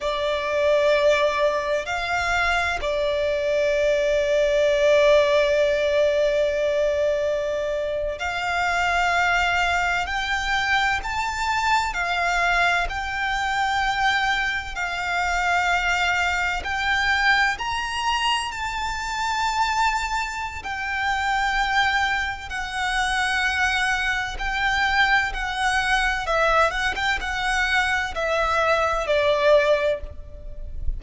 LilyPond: \new Staff \with { instrumentName = "violin" } { \time 4/4 \tempo 4 = 64 d''2 f''4 d''4~ | d''1~ | d''8. f''2 g''4 a''16~ | a''8. f''4 g''2 f''16~ |
f''4.~ f''16 g''4 ais''4 a''16~ | a''2 g''2 | fis''2 g''4 fis''4 | e''8 fis''16 g''16 fis''4 e''4 d''4 | }